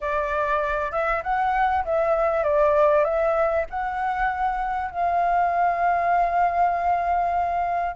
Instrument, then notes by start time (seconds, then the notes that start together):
flute
0.00 D5
0.91 E5
1.23 F#5
1.84 E5
2.43 D5
3.04 E5
3.70 F#5
4.90 F5